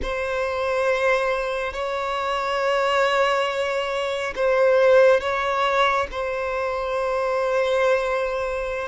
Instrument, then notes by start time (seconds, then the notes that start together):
violin
0.02 C5
1.73 C#5
4.35 C5
5.20 C#5
6.11 C5